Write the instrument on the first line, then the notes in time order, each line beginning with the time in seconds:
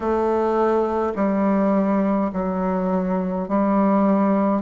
bassoon
0.00 A3
1.15 G3
2.32 F#3
3.48 G3